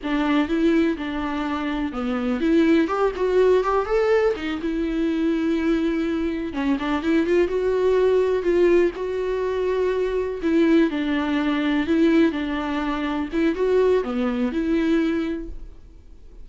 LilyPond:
\new Staff \with { instrumentName = "viola" } { \time 4/4 \tempo 4 = 124 d'4 e'4 d'2 | b4 e'4 g'8 fis'4 g'8 | a'4 dis'8 e'2~ e'8~ | e'4. cis'8 d'8 e'8 f'8 fis'8~ |
fis'4. f'4 fis'4.~ | fis'4. e'4 d'4.~ | d'8 e'4 d'2 e'8 | fis'4 b4 e'2 | }